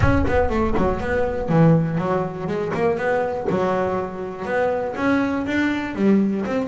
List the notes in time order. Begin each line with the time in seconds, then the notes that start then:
0.00 C#4
0.27 B3
0.49 A3
0.77 F#3
1.00 B3
1.49 E3
1.98 F#3
2.47 G#3
2.73 A#3
2.97 B3
3.49 F#3
4.45 B3
4.96 C#4
5.46 D4
5.95 G3
6.45 C4